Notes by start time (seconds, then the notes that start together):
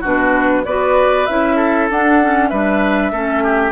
0.00 B2 D4 F#4 B4
0.65 B3 F#4 B4 D5
1.26 C#4 E4 E5
1.56 A4
1.90 D4 F#5
2.21 C#4
2.49 G3 D4 B4 E5
3.11 A3 C#4 A4
3.43 G4